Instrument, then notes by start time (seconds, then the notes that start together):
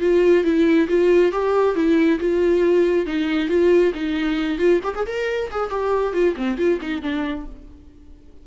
viola
0.00 F4
0.44 E4
0.88 F4
1.32 G4
1.75 E4
2.19 F4
3.06 D#4
3.48 F4
3.94 D#4
4.58 F4
4.83 G4
4.94 G#4
5.06 A#4
5.50 G#4
5.70 G4
6.13 F4
6.36 C4
6.57 F4
6.81 D#4
7.02 D4